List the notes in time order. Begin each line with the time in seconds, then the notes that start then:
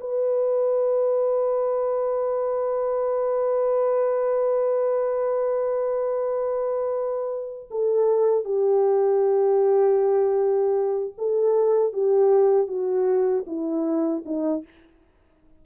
0.00 B4
7.70 A4
8.44 G4
11.17 A4
11.93 G4
12.67 F#4
13.46 E4
14.25 D#4